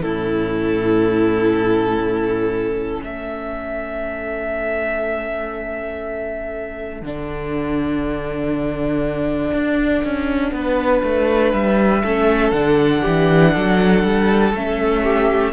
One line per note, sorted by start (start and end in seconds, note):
0.00 3.03 A2
0.00 7.00 C#4
0.00 3.03 E4
0.00 3.02 A4
3.03 7.02 A3
3.03 10.53 A4
3.03 7.05 E5
7.02 9.52 D3
7.02 12.04 D4
7.02 11.53 F#5
9.53 10.03 D4
10.04 10.52 C#4
10.52 11.02 B3
10.52 12.02 B4
11.03 11.53 A3
11.53 12.03 G3
11.53 12.51 E5
12.02 12.52 A3
12.02 12.54 C#4
12.02 13.02 A4
12.51 13.02 D3
12.51 14.54 D4
12.51 14.51 F#5
13.02 13.56 E3
13.02 13.52 G4
13.53 14.03 F#3
13.53 15.03 A4
14.03 14.53 G3
14.53 15.52 A3
14.53 15.52 C#4
14.53 15.52 E5
15.03 15.52 G4